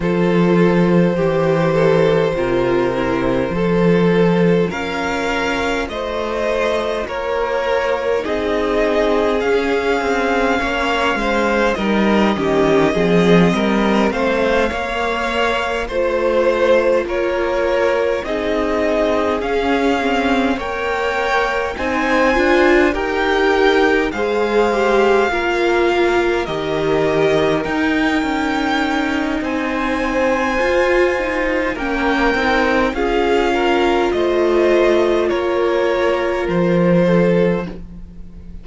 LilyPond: <<
  \new Staff \with { instrumentName = "violin" } { \time 4/4 \tempo 4 = 51 c''1 | f''4 dis''4 cis''4 dis''4 | f''2 dis''2 | f''4. c''4 cis''4 dis''8~ |
dis''8 f''4 g''4 gis''4 g''8~ | g''8 f''2 dis''4 g''8~ | g''4 gis''2 g''4 | f''4 dis''4 cis''4 c''4 | }
  \new Staff \with { instrumentName = "violin" } { \time 4/4 a'4 g'8 a'8 ais'4 a'4 | ais'4 c''4 ais'4 gis'4~ | gis'4 cis''8 c''8 ais'8 g'8 gis'8 ais'8 | c''8 cis''4 c''4 ais'4 gis'8~ |
gis'4. cis''4 c''4 ais'8~ | ais'8 c''4 ais'2~ ais'8~ | ais'4 c''2 ais'4 | gis'8 ais'8 c''4 ais'4. a'8 | }
  \new Staff \with { instrumentName = "viola" } { \time 4/4 f'4 g'4 f'8 e'8 f'4~ | f'2. dis'4 | cis'2 dis'8 cis'8 c'4~ | c'8 ais4 f'2 dis'8~ |
dis'8 cis'8 c'8 ais'4 dis'8 f'8 g'8~ | g'8 gis'8 g'8 f'4 g'4 dis'8~ | dis'2 f'8 dis'8 cis'8 dis'8 | f'1 | }
  \new Staff \with { instrumentName = "cello" } { \time 4/4 f4 e4 c4 f4 | cis'4 a4 ais4 c'4 | cis'8 c'8 ais8 gis8 g8 dis8 f8 g8 | a8 ais4 a4 ais4 c'8~ |
c'8 cis'4 ais4 c'8 d'8 dis'8~ | dis'8 gis4 ais4 dis4 dis'8 | cis'4 c'4 f'4 ais8 c'8 | cis'4 a4 ais4 f4 | }
>>